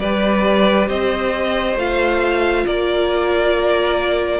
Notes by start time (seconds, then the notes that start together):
0.00 G3 G4 B4 D5
0.88 C4 C5 D#5
1.76 A3 F4 F5
2.66 A#3 A#4 D5